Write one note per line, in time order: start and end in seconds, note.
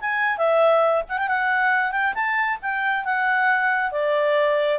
0.00 0.37 G#5
0.37 1.03 E5
1.08 1.18 F#5
1.18 1.28 G5
1.28 1.91 F#5
1.91 2.13 G5
2.14 2.58 A5
2.62 3.05 G5
3.05 3.91 F#5
3.91 4.79 D5